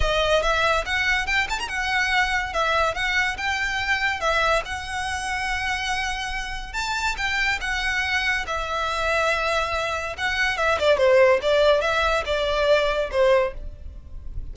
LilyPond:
\new Staff \with { instrumentName = "violin" } { \time 4/4 \tempo 4 = 142 dis''4 e''4 fis''4 g''8 a''16 ais''16 | fis''2 e''4 fis''4 | g''2 e''4 fis''4~ | fis''1 |
a''4 g''4 fis''2 | e''1 | fis''4 e''8 d''8 c''4 d''4 | e''4 d''2 c''4 | }